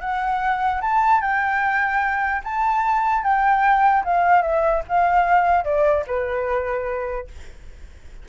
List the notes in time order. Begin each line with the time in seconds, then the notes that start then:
0.00 F#5
0.81 A5
1.21 G5
2.43 A5
3.23 G5
4.04 F5
4.42 E5
4.88 F5
5.64 D5
6.07 B4